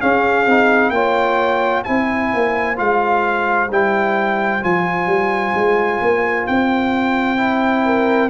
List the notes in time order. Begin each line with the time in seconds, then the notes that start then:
0.00 C#4 G#4 F5
0.46 C4 D#4
0.90 A#3 F4 C#5 G5
1.84 C4 E4 C5 G#5
2.34 A#3
2.76 G#3 F4 F5
3.69 G3 E4 G5
4.62 F3 F4 G#5
5.06 G3
5.55 G#3
6.01 A#3
6.47 C4 G5
7.37 E4
7.85 A#4